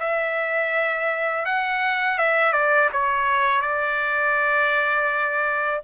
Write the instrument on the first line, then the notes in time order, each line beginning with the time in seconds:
trumpet
0.00 E5
1.46 F#5
2.18 E5
2.53 D5
2.93 C#5
3.62 D5